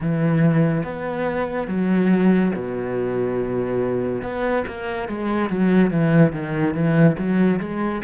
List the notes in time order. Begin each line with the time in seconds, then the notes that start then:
0.00 E3
0.83 B3
1.67 F#3
2.55 B2
4.22 B3
4.67 A#3
5.08 G#3
5.49 F#3
5.90 E3
6.32 D#3
6.74 E3
7.18 F#3
7.59 G#3